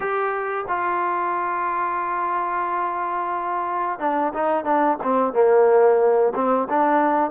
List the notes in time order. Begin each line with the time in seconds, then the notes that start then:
0.00 G4
0.68 F4
3.99 D4
4.33 D#4
4.64 D4
5.03 C4
5.33 A#3
6.35 C4
6.69 D4